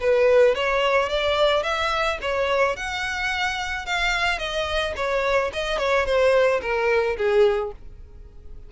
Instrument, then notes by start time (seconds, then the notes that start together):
violin
0.00 B4
0.55 C#5
1.09 D5
1.63 E5
2.21 C#5
2.76 F#5
3.85 F5
4.38 D#5
4.96 C#5
5.53 D#5
5.78 C#5
6.06 C5
6.61 A#4
7.17 G#4